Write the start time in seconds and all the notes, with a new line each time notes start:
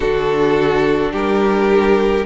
0.00 D3 D4 F#4 A4
1.12 G3 G4 A#4